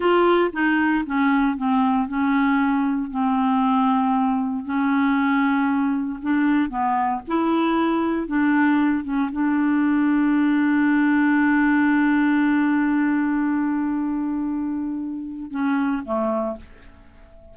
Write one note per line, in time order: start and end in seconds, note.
0.00 0.51 F4
0.52 1.04 D#4
1.06 1.56 C#4
1.56 2.08 C4
2.08 3.10 C#4
3.10 4.64 C4
4.64 6.19 C#4
6.22 6.69 D4
6.69 7.21 B3
7.27 8.27 E4
8.27 9.04 D4
9.04 9.30 C#4
9.32 15.50 D4
15.50 16.02 C#4
16.05 16.57 A3